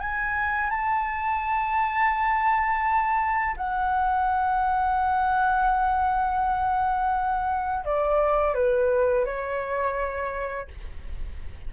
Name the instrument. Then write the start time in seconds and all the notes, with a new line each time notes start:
flute
0.00 G#5
0.70 A5
3.57 F#5
7.85 D5
8.55 B4
9.26 C#5